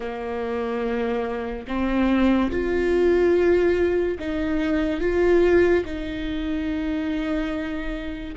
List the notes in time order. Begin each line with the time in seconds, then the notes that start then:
0.00 A#3
1.67 C4
2.51 F4
4.19 D#4
5.00 F4
5.85 D#4